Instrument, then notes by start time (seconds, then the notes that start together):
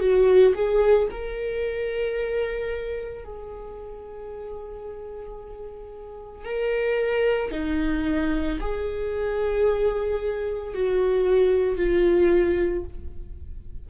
viola
0.00 F#4
0.55 G#4
1.11 A#4
3.24 G#4
6.45 A#4
7.51 D#4
8.61 G#4
10.74 F#4
11.77 F4